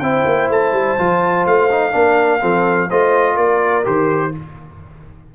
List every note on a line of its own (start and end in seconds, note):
0.00 0.25 C4
0.00 0.98 E4
0.00 1.93 C5
0.00 0.48 G5
0.26 0.49 A#3
0.49 0.73 A3
0.49 1.47 A5
0.73 0.97 G3
0.98 1.46 F3
0.98 1.70 F4
1.46 1.94 A3
1.46 2.91 F5
1.71 1.92 D#4
1.92 2.43 A#3
1.92 2.40 D4
1.92 2.42 A#4
2.42 2.91 F3
2.42 2.90 C4
2.42 2.89 A4
2.89 3.38 A3
2.89 3.84 F4
2.89 3.35 C5
2.89 3.37 D#5
3.35 3.86 A#3
3.35 4.31 A#4
3.35 3.85 D5
3.84 4.35 D#3
3.84 4.32 G4
3.84 4.35 C5